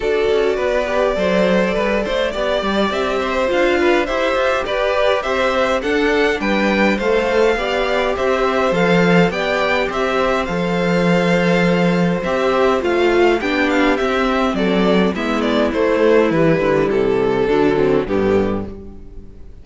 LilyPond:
<<
  \new Staff \with { instrumentName = "violin" } { \time 4/4 \tempo 4 = 103 d''1~ | d''4 e''4 f''4 e''4 | d''4 e''4 fis''4 g''4 | f''2 e''4 f''4 |
g''4 e''4 f''2~ | f''4 e''4 f''4 g''8 f''8 | e''4 d''4 e''8 d''8 c''4 | b'4 a'2 g'4 | }
  \new Staff \with { instrumentName = "violin" } { \time 4/4 a'4 b'4 c''4 b'8 c''8 | d''4. c''4 b'8 c''4 | b'4 c''4 a'4 b'4 | c''4 d''4 c''2 |
d''4 c''2.~ | c''2. g'4~ | g'4 a'4 e'2~ | e'2 d'8 c'8 b4 | }
  \new Staff \with { instrumentName = "viola" } { \time 4/4 fis'4. g'8 a'2 | g'2 f'4 g'4~ | g'2 d'2 | a'4 g'2 a'4 |
g'2 a'2~ | a'4 g'4 f'4 d'4 | c'2 b4 a4 | g2 fis4 d4 | }
  \new Staff \with { instrumentName = "cello" } { \time 4/4 d'8 cis'8 b4 fis4 g8 a8 | b8 g8 c'4 d'4 e'8 f'8 | g'4 c'4 d'4 g4 | a4 b4 c'4 f4 |
b4 c'4 f2~ | f4 c'4 a4 b4 | c'4 fis4 gis4 a4 | e8 d8 c4 d4 g,4 | }
>>